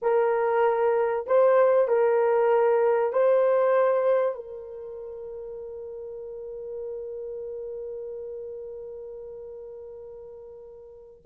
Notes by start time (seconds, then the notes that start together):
0.01 A#4
1.26 C5
1.88 A#4
3.12 C5
4.35 A#4